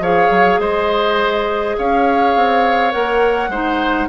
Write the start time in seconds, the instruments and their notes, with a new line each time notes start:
0.00 bassoon F3, clarinet G#4, oboe C#5, flute F5
0.30 bassoon F#3
0.59 bassoon G#3, oboe C5, flute D#5
1.78 bassoon C#4, oboe C#5, flute F5
2.36 bassoon C4
2.91 bassoon A#3, clarinet A#4, flute F#5
3.48 bassoon G#3, clarinet D#4, oboe C5